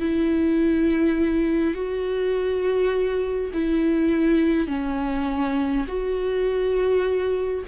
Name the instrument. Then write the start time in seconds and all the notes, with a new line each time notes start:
viola
0.00 E4
1.74 F#4
3.53 E4
4.68 C#4
5.88 F#4